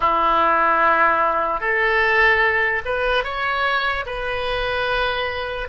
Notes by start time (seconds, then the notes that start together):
0.00 E4
1.60 A4
2.85 B4
3.24 C#5
4.05 B4